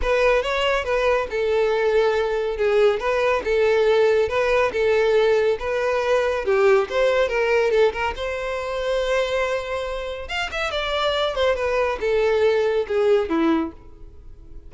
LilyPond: \new Staff \with { instrumentName = "violin" } { \time 4/4 \tempo 4 = 140 b'4 cis''4 b'4 a'4~ | a'2 gis'4 b'4 | a'2 b'4 a'4~ | a'4 b'2 g'4 |
c''4 ais'4 a'8 ais'8 c''4~ | c''1 | f''8 e''8 d''4. c''8 b'4 | a'2 gis'4 e'4 | }